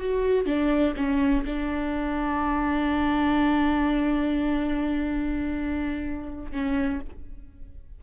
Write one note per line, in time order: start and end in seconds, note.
0.00 0.46 F#4
0.46 0.95 D4
0.97 1.45 C#4
1.46 6.52 D4
6.52 7.00 C#4